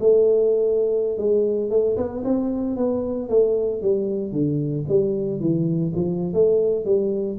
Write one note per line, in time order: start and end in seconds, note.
0.00 1.18 A3
1.18 1.70 G#3
1.70 1.97 A3
1.97 2.23 B3
2.24 2.77 C4
2.77 3.29 B3
3.29 3.82 A3
3.82 4.33 G3
4.33 4.85 D3
4.89 5.40 G3
5.40 5.93 E3
5.95 6.33 F3
6.33 6.85 A3
6.85 7.38 G3